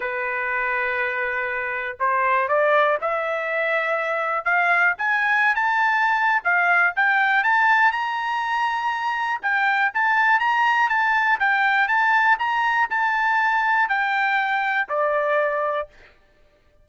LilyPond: \new Staff \with { instrumentName = "trumpet" } { \time 4/4 \tempo 4 = 121 b'1 | c''4 d''4 e''2~ | e''4 f''4 gis''4~ gis''16 a''8.~ | a''4 f''4 g''4 a''4 |
ais''2. g''4 | a''4 ais''4 a''4 g''4 | a''4 ais''4 a''2 | g''2 d''2 | }